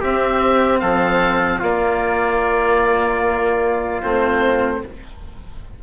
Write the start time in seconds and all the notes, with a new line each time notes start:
0.00 C4 G4 E5
0.80 F3 A4 F5
1.59 A#3 F4 D5
4.02 A3 C4 C5